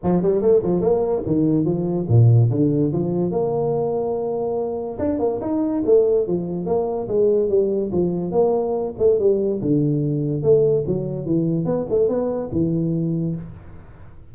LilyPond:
\new Staff \with { instrumentName = "tuba" } { \time 4/4 \tempo 4 = 144 f8 g8 a8 f8 ais4 dis4 | f4 ais,4 d4 f4 | ais1 | d'8 ais8 dis'4 a4 f4 |
ais4 gis4 g4 f4 | ais4. a8 g4 d4~ | d4 a4 fis4 e4 | b8 a8 b4 e2 | }